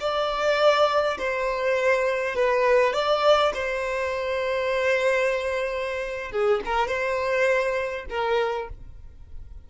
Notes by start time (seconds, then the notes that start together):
0.00 D5
1.18 C5
2.35 B4
2.93 D5
3.54 C5
6.32 G#4
6.65 A#4
6.88 C5
8.09 A#4